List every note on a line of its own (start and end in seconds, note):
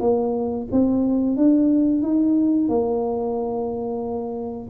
0.00 0.67 A#3
0.72 1.37 C4
1.37 2.02 D4
2.02 2.68 D#4
2.68 4.68 A#3